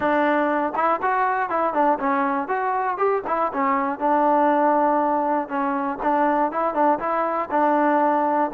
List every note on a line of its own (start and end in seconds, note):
0.00 0.73 D4
0.75 1.00 E4
1.01 1.49 F#4
1.49 1.73 E4
1.73 1.98 D4
1.99 2.48 C#4
2.48 2.97 F#4
2.97 3.22 G4
3.27 3.52 E4
3.53 3.99 C#4
3.99 5.48 D4
5.48 5.98 C#4
6.02 6.51 D4
6.51 6.74 E4
6.74 6.99 D4
6.99 7.49 E4
7.50 8.50 D4